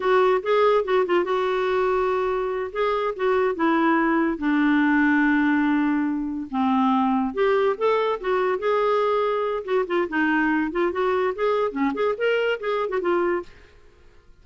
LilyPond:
\new Staff \with { instrumentName = "clarinet" } { \time 4/4 \tempo 4 = 143 fis'4 gis'4 fis'8 f'8 fis'4~ | fis'2~ fis'8 gis'4 fis'8~ | fis'8 e'2 d'4.~ | d'2.~ d'8 c'8~ |
c'4. g'4 a'4 fis'8~ | fis'8 gis'2~ gis'8 fis'8 f'8 | dis'4. f'8 fis'4 gis'4 | cis'8 gis'8 ais'4 gis'8. fis'16 f'4 | }